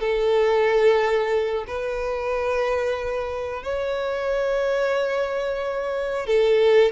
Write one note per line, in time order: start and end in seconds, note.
0.00 1.65 A4
1.67 3.63 B4
3.63 6.27 C#5
6.27 6.92 A4